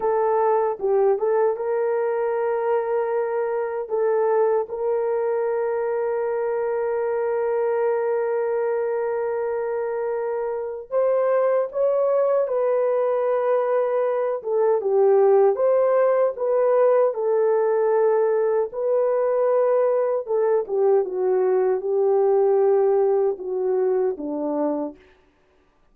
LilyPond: \new Staff \with { instrumentName = "horn" } { \time 4/4 \tempo 4 = 77 a'4 g'8 a'8 ais'2~ | ais'4 a'4 ais'2~ | ais'1~ | ais'2 c''4 cis''4 |
b'2~ b'8 a'8 g'4 | c''4 b'4 a'2 | b'2 a'8 g'8 fis'4 | g'2 fis'4 d'4 | }